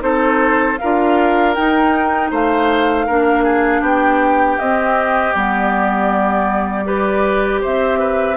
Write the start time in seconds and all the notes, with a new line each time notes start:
0.00 C4 D#4 A4 C5
0.78 D4 F4 A#4 F5
1.55 D#4 G5
2.31 A3 C5 F5
3.06 A#3 D4 A#4
3.44 G#4
3.81 B3 G4 G5
4.59 C4 D#5
5.33 G3 B3 D5
6.84 G4 B4
7.61 C4 C5 E5
7.99 B4